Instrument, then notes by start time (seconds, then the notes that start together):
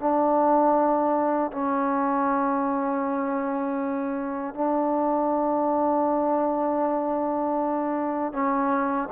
trombone
0.00 D4
1.52 C#4
4.55 D4
8.33 C#4